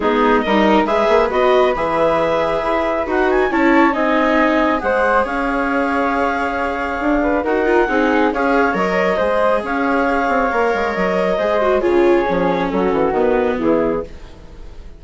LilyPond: <<
  \new Staff \with { instrumentName = "clarinet" } { \time 4/4 \tempo 4 = 137 gis'4 dis''4 e''4 dis''4 | e''2. fis''8 gis''8 | a''4 gis''2 fis''4 | f''1~ |
f''4 fis''2 f''4 | dis''2 f''2~ | f''4 dis''2 cis''4~ | cis''4 a'4 b'4 gis'4 | }
  \new Staff \with { instrumentName = "flute" } { \time 4/4 dis'4 ais'4 b'2~ | b'1 | cis''4 dis''2 c''4 | cis''1~ |
cis''8 b'8 ais'4 gis'4 cis''4~ | cis''4 c''4 cis''2~ | cis''2 c''4 gis'4~ | gis'4 fis'2 e'4 | }
  \new Staff \with { instrumentName = "viola" } { \time 4/4 b4 dis'4 gis'4 fis'4 | gis'2. fis'4 | e'4 dis'2 gis'4~ | gis'1~ |
gis'4 fis'8 f'8 dis'4 gis'4 | ais'4 gis'2. | ais'2 gis'8 fis'8 f'4 | cis'2 b2 | }
  \new Staff \with { instrumentName = "bassoon" } { \time 4/4 gis4 g4 gis8 ais8 b4 | e2 e'4 dis'4 | cis'4 c'2 gis4 | cis'1 |
d'4 dis'4 c'4 cis'4 | fis4 gis4 cis'4. c'8 | ais8 gis8 fis4 gis4 cis4 | f4 fis8 e8 dis4 e4 | }
>>